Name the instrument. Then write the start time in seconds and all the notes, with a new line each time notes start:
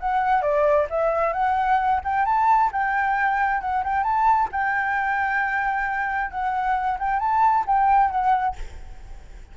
flute
0.00 F#5
0.42 D5
0.90 E5
1.33 F#5
2.04 G5
2.26 A5
2.73 G5
3.61 F#5
3.84 G5
4.04 A5
4.52 G5
6.31 F#5
6.99 G5
7.20 A5
7.67 G5
8.11 F#5